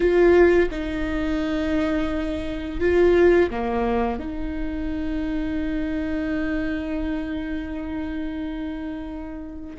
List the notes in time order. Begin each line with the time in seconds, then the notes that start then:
0.00 F4
0.70 D#4
2.80 F4
3.50 A#3
4.19 D#4